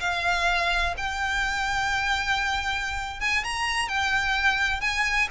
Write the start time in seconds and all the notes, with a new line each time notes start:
0.00 F5
0.97 G5
3.20 G#5
3.44 A#5
3.88 G5
4.81 G#5